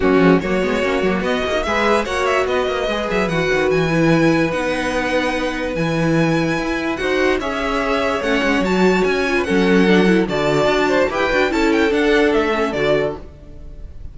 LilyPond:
<<
  \new Staff \with { instrumentName = "violin" } { \time 4/4 \tempo 4 = 146 fis'4 cis''2 dis''4 | e''4 fis''8 e''8 dis''4. e''8 | fis''4 gis''2 fis''4~ | fis''2 gis''2~ |
gis''4 fis''4 e''2 | fis''4 a''4 gis''4 fis''4~ | fis''4 a''2 g''4 | a''8 g''8 fis''4 e''4 d''4 | }
  \new Staff \with { instrumentName = "violin" } { \time 4/4 cis'4 fis'2. | b'4 cis''4 b'2~ | b'1~ | b'1~ |
b'4 c''4 cis''2~ | cis''2~ cis''8. b'16 a'4~ | a'4 d''4. c''8 b'4 | a'1 | }
  \new Staff \with { instrumentName = "viola" } { \time 4/4 ais8 gis8 ais8 b8 cis'8 ais8 b8 gis'16 dis'16 | gis'4 fis'2 gis'4 | fis'4. e'4. dis'4~ | dis'2 e'2~ |
e'4 fis'4 gis'2 | cis'4 fis'4. f'8 cis'4 | d'8 e'8 fis'2 g'8 fis'8 | e'4 d'4. cis'8 fis'4 | }
  \new Staff \with { instrumentName = "cello" } { \time 4/4 fis8 f8 fis8 gis8 ais8 fis8 b8 ais8 | gis4 ais4 b8 ais8 gis8 fis8 | e8 dis8 e2 b4~ | b2 e2 |
e'4 dis'4 cis'2 | a8 gis8 fis4 cis'4 fis4~ | fis4 d4 d'4 e'8 d'8 | cis'4 d'4 a4 d4 | }
>>